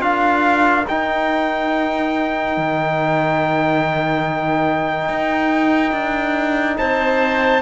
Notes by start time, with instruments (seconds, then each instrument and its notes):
0.00 cello D4, trombone F4, clarinet A#4, trumpet F5
0.88 trombone D#4, cello D#4, trumpet G5
2.58 cello D#3
5.09 cello D#4
5.92 cello D4
6.79 cello C4, clarinet C5, trumpet A5